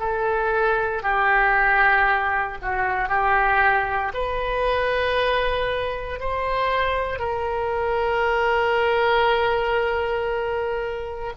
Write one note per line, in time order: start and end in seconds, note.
0.00 1.03 A4
1.03 2.58 G4
2.62 3.09 F#4
3.09 4.13 G4
4.14 6.20 B4
6.20 7.19 C5
7.19 11.33 A#4